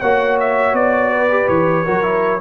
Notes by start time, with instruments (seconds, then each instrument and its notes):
0.00 tuba A#3, trombone F#4, horn C#5, trumpet F#5
0.40 trumpet E5
0.73 tuba B3, trumpet D5
1.11 horn B4
1.29 trombone G4
1.48 tuba E3, trumpet C#5
1.84 tuba F#3, trombone F#4, horn A#4
2.02 trombone E4